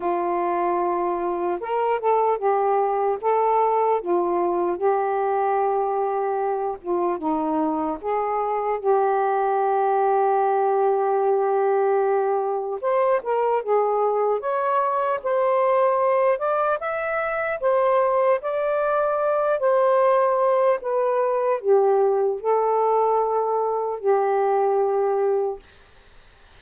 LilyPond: \new Staff \with { instrumentName = "saxophone" } { \time 4/4 \tempo 4 = 75 f'2 ais'8 a'8 g'4 | a'4 f'4 g'2~ | g'8 f'8 dis'4 gis'4 g'4~ | g'1 |
c''8 ais'8 gis'4 cis''4 c''4~ | c''8 d''8 e''4 c''4 d''4~ | d''8 c''4. b'4 g'4 | a'2 g'2 | }